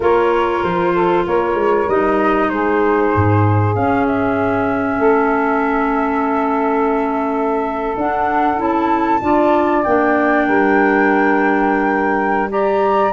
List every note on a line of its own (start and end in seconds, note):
0.00 0.62 A#3
0.00 1.88 F4
0.00 0.93 A#4
0.00 0.63 C#5
0.63 1.26 F3
0.63 1.26 C5
0.93 1.24 A4
1.26 1.54 A#3
1.26 2.50 A#4
1.26 1.89 C#5
1.54 1.85 G#3
1.88 2.49 G3
1.88 3.73 D#4
1.88 2.49 D#5
2.49 3.12 G#3
2.49 4.99 G#4
2.49 3.74 C5
3.15 3.75 G#2
3.73 7.95 C#4
3.73 4.99 C#4
3.73 4.06 F5
4.06 7.97 E5
4.99 7.96 A3
4.99 9.20 A4
7.96 8.57 D4
7.96 8.58 D4
7.96 8.60 F#5
8.57 9.21 C#4
8.57 9.19 E4
8.57 9.83 A5
9.21 9.84 D4
9.21 9.84 F4
9.21 10.46 D5
9.83 10.48 A#3
9.83 12.48 D4
9.83 12.49 G5
10.46 13.12 G3
10.46 12.49 A#4
12.48 13.11 G4
12.48 13.12 D5
12.48 13.12 A#5